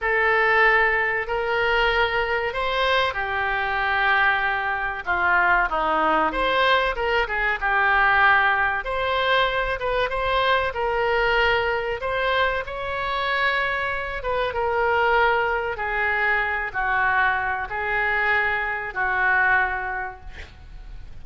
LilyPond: \new Staff \with { instrumentName = "oboe" } { \time 4/4 \tempo 4 = 95 a'2 ais'2 | c''4 g'2. | f'4 dis'4 c''4 ais'8 gis'8 | g'2 c''4. b'8 |
c''4 ais'2 c''4 | cis''2~ cis''8 b'8 ais'4~ | ais'4 gis'4. fis'4. | gis'2 fis'2 | }